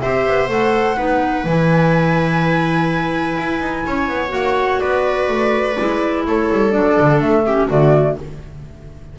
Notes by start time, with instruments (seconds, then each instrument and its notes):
0.00 double bass C4, clarinet G4, viola C5, flute E5
0.27 double bass B3
0.48 double bass A3, clarinet A4, flute F#5
0.97 double bass B3, clarinet D#4, viola B4
1.45 double bass E3, clarinet E4, flute G#5
3.38 double bass E4
3.61 double bass D#4
3.86 double bass C#4, viola C#5
4.08 double bass B3
4.29 double bass A#3, clarinet F#4, flute F#5
4.80 double bass B3, viola B4, flute D5
5.28 double bass A3
5.79 double bass G#3, clarinet E4
6.26 double bass A3, viola A4, flute C#5
6.52 double bass G3
6.70 double bass F#3, clarinet D4, flute D5
6.99 double bass D3
7.20 double bass A3, flute E5
7.45 clarinet C#4, viola G4
7.68 double bass D3, clarinet A3, viola F#4, flute D5